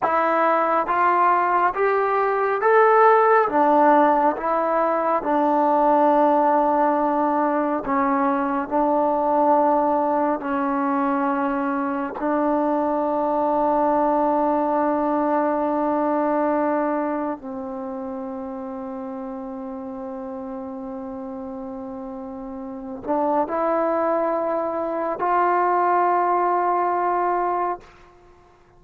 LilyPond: \new Staff \with { instrumentName = "trombone" } { \time 4/4 \tempo 4 = 69 e'4 f'4 g'4 a'4 | d'4 e'4 d'2~ | d'4 cis'4 d'2 | cis'2 d'2~ |
d'1 | c'1~ | c'2~ c'8 d'8 e'4~ | e'4 f'2. | }